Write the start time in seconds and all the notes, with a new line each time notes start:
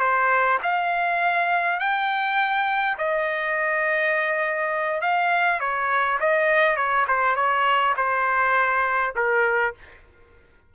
0.00 C5
0.63 F5
1.80 G5
2.98 D#5
5.02 F5
5.61 C#5
6.20 D#5
6.77 C#5
7.08 C5
7.36 C#5
7.97 C5
9.16 A#4